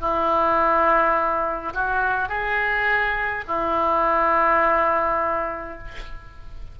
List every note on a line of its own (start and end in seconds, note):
0.00 1.73 E4
1.74 2.29 F#4
2.29 3.44 G#4
3.47 5.78 E4